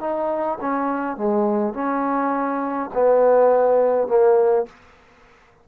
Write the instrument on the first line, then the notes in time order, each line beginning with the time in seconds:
trombone
0.00 D#4
0.61 C#4
1.17 G#3
1.74 C#4
2.94 B3
4.08 A#3